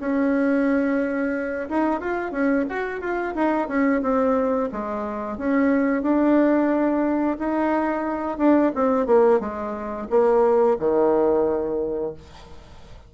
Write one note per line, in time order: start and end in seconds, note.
0.00 1.69 C#4
1.69 2.00 D#4
2.00 2.32 F4
2.32 2.65 C#4
2.69 3.01 F#4
3.01 3.35 F4
3.35 3.68 D#4
3.68 4.01 C#4
4.02 4.69 C4
4.72 5.37 G#3
5.37 6.02 C#4
6.02 7.37 D4
7.39 8.38 D#4
8.38 8.72 D4
8.75 9.06 C4
9.06 9.40 A#3
9.40 10.08 G#3
10.10 10.77 A#3
10.79 12.14 D#3